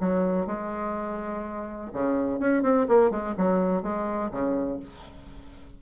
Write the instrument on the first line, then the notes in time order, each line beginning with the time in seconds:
bassoon
0.00 F#3
0.47 G#3
1.93 C#3
2.39 C#4
2.63 C4
2.88 A#3
3.11 G#3
3.37 F#3
3.83 G#3
4.31 C#3